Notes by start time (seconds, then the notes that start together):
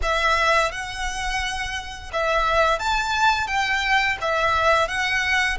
0.02 E5
0.71 F#5
2.12 E5
2.79 A5
3.47 G5
4.21 E5
4.87 F#5